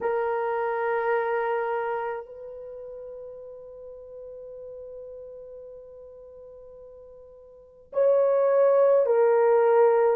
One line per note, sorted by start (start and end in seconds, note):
0.00 2.25 A#4
2.25 7.91 B4
7.92 9.06 C#5
9.06 10.16 A#4